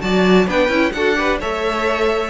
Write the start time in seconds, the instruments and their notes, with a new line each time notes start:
0.00 cello F#3, viola F#4, violin D5 A5
0.47 cello B3, viola D4, violin B4 G5
0.69 cello C#4, viola E4
0.92 cello D4, viola F#4, violin A4 F#5
1.15 viola G4, violin B4
1.40 cello A3, viola A4, violin C#5 E5